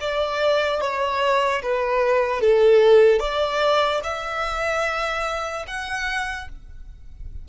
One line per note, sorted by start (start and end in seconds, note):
0.00 0.81 D5
0.81 1.62 C#5
1.62 2.41 B4
2.41 3.20 A4
3.20 4.01 D5
4.03 5.65 E5
5.67 6.48 F#5